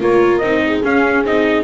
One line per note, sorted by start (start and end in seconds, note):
0.00 0.40 A#3
0.00 0.41 F4
0.00 0.63 A#4
0.00 0.37 C#5
0.37 0.82 C4
0.37 0.79 D#5
0.44 0.83 D#4
0.66 1.64 G#4
0.83 1.24 C#4
0.83 1.25 C#4
0.83 1.25 F5
1.25 1.64 C4
1.25 1.64 D#4
1.25 1.64 D#5